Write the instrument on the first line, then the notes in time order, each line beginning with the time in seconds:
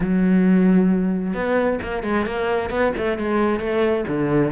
cello
0.00 F#3
1.33 B3
1.82 A#3
2.03 G#3
2.26 A#3
2.70 B3
2.97 A3
3.17 G#3
3.59 A3
4.07 D3